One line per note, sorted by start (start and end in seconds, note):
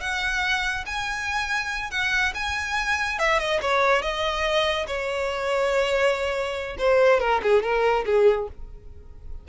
0.00 0.85 F#5
0.86 1.91 G#5
1.91 2.33 F#5
2.34 3.18 G#5
3.18 3.39 E5
3.39 3.60 D#5
3.61 4.02 C#5
4.02 4.86 D#5
4.86 6.76 C#5
6.78 7.20 C5
7.20 7.41 A#4
7.43 7.62 G#4
7.62 8.05 A#4
8.05 8.48 G#4